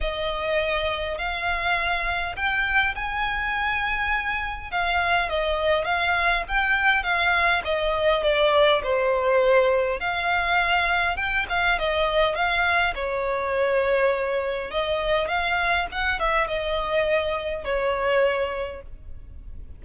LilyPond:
\new Staff \with { instrumentName = "violin" } { \time 4/4 \tempo 4 = 102 dis''2 f''2 | g''4 gis''2. | f''4 dis''4 f''4 g''4 | f''4 dis''4 d''4 c''4~ |
c''4 f''2 g''8 f''8 | dis''4 f''4 cis''2~ | cis''4 dis''4 f''4 fis''8 e''8 | dis''2 cis''2 | }